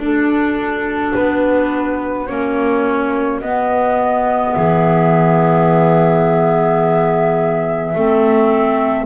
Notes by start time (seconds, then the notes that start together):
0.00 D4 F#4 A4
1.15 B3 B4
2.27 A#3 C#4 C#5
3.41 B3 D#5
4.54 E3 G#4 E5
7.95 A3 C4 A4